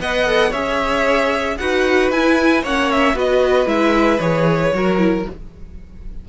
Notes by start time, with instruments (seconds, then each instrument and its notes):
0.00 cello B3, viola B4, violin D#5 F#5
0.26 viola A4
0.50 cello C#4, viola G#4, violin C#5 E5
1.58 cello D#4, viola F#4, violin B4 F#5
2.11 cello E4, viola E4, violin G#5
2.62 cello A#3, viola C#4, violin C#5 F#5
2.92 violin E5
3.14 cello B3, viola F#4, violin B4 D#5
3.66 cello G#3, viola E4, violin E5
4.20 cello E3, viola G#4, violin C#5
4.73 cello F#3, viola F#4, violin A#4
4.98 viola E4